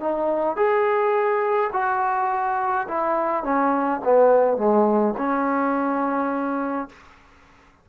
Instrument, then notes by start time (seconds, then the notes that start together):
trombone
0.00 D#4
0.56 G#4
1.73 F#4
2.88 E4
3.44 C#4
4.04 B3
4.57 G#3
5.18 C#4